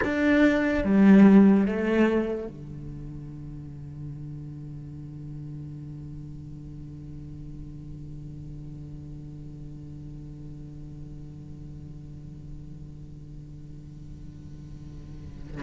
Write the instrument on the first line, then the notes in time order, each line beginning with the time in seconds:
cello
0.04 D4
0.84 G3
1.66 A3
2.47 D3